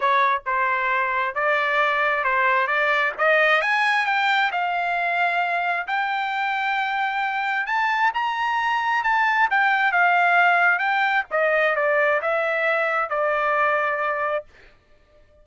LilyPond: \new Staff \with { instrumentName = "trumpet" } { \time 4/4 \tempo 4 = 133 cis''4 c''2 d''4~ | d''4 c''4 d''4 dis''4 | gis''4 g''4 f''2~ | f''4 g''2.~ |
g''4 a''4 ais''2 | a''4 g''4 f''2 | g''4 dis''4 d''4 e''4~ | e''4 d''2. | }